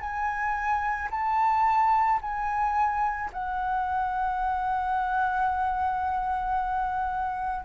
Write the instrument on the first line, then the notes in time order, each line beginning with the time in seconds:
flute
0.00 G#5
1.11 A5
2.21 G#5
3.32 F#5